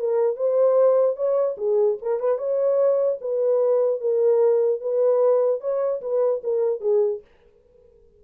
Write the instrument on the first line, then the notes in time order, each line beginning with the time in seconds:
horn
0.00 A#4
0.37 C5
1.17 C#5
1.58 G#4
2.02 A#4
2.20 B4
2.39 C#5
3.22 B4
4.01 A#4
4.81 B4
5.61 C#5
6.02 B4
6.44 A#4
6.81 G#4